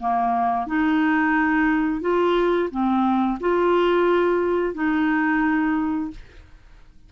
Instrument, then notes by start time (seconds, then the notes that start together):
clarinet
0.00 A#3
0.67 D#4
2.01 F4
2.71 C4
3.41 F4
4.74 D#4